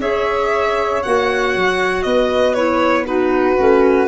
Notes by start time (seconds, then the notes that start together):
0.00 C#4 G#4 C#5 E5
1.03 A#3 F#4 F#5
1.55 F#3
2.03 B3 B4 D#5
2.54 E4 C#5
3.04 D#4 F#4 B4
3.58 A3 C#4